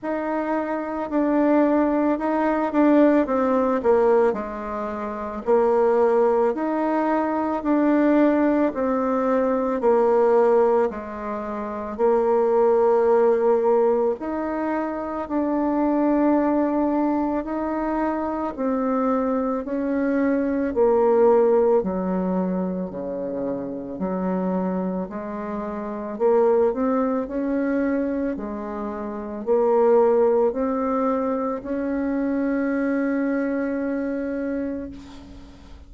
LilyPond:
\new Staff \with { instrumentName = "bassoon" } { \time 4/4 \tempo 4 = 55 dis'4 d'4 dis'8 d'8 c'8 ais8 | gis4 ais4 dis'4 d'4 | c'4 ais4 gis4 ais4~ | ais4 dis'4 d'2 |
dis'4 c'4 cis'4 ais4 | fis4 cis4 fis4 gis4 | ais8 c'8 cis'4 gis4 ais4 | c'4 cis'2. | }